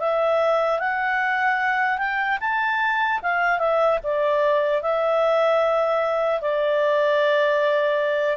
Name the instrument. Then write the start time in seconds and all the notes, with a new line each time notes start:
clarinet
0.00 E5
0.80 F#5
1.99 G5
2.41 A5
3.23 F5
3.59 E5
4.03 D5
4.82 E5
6.42 D5